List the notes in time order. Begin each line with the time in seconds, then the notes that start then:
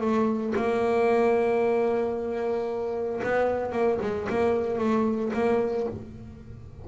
0.00 A3
0.56 A#3
3.23 B3
3.72 A#3
4.01 G#3
4.29 A#3
4.78 A3
5.33 A#3